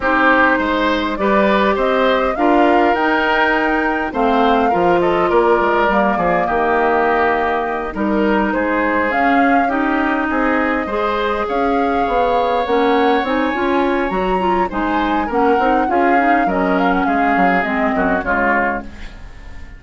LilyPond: <<
  \new Staff \with { instrumentName = "flute" } { \time 4/4 \tempo 4 = 102 c''2 d''4 dis''4 | f''4 g''2 f''4~ | f''8 dis''8 d''2 dis''4~ | dis''4. ais'4 c''4 f''8~ |
f''8 dis''2. f''8~ | f''4. fis''4 gis''4. | ais''4 gis''4 fis''4 f''4 | dis''8 f''16 fis''16 f''4 dis''4 cis''4 | }
  \new Staff \with { instrumentName = "oboe" } { \time 4/4 g'4 c''4 b'4 c''4 | ais'2. c''4 | ais'8 a'8 ais'4. gis'8 g'4~ | g'4. ais'4 gis'4.~ |
gis'8 g'4 gis'4 c''4 cis''8~ | cis''1~ | cis''4 c''4 ais'4 gis'4 | ais'4 gis'4. fis'8 f'4 | }
  \new Staff \with { instrumentName = "clarinet" } { \time 4/4 dis'2 g'2 | f'4 dis'2 c'4 | f'2 ais2~ | ais4. dis'2 cis'8~ |
cis'8 dis'2 gis'4.~ | gis'4. cis'4 dis'8 f'4 | fis'8 f'8 dis'4 cis'8 dis'8 f'8 dis'8 | cis'2 c'4 gis4 | }
  \new Staff \with { instrumentName = "bassoon" } { \time 4/4 c'4 gis4 g4 c'4 | d'4 dis'2 a4 | f4 ais8 gis8 g8 f8 dis4~ | dis4. g4 gis4 cis'8~ |
cis'4. c'4 gis4 cis'8~ | cis'8 b4 ais4 c'8 cis'4 | fis4 gis4 ais8 c'8 cis'4 | fis4 gis8 fis8 gis8 fis,8 cis4 | }
>>